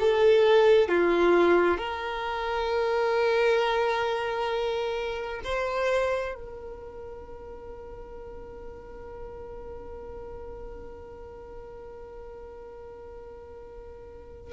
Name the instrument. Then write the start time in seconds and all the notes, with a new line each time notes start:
violin
0.00 A4
0.88 F4
1.78 A#4
5.44 C5
6.35 A#4